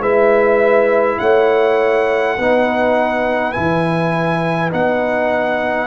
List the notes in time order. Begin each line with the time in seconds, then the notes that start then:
0.00 G#3 E4 B4 E5
1.19 A3 C#5 F#5
2.37 B3 D#4 B4
3.52 E3 E4 G#5
4.71 B3 D#4 F#5